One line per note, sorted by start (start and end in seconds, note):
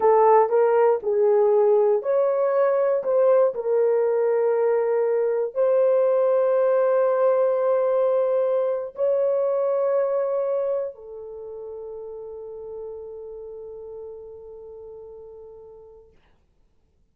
0.00 0.49 A4
0.49 0.99 A#4
1.02 2.02 G#4
2.02 3.03 C#5
3.03 3.54 C5
3.54 5.54 A#4
5.54 8.94 C5
8.95 10.94 C#5
10.94 16.11 A4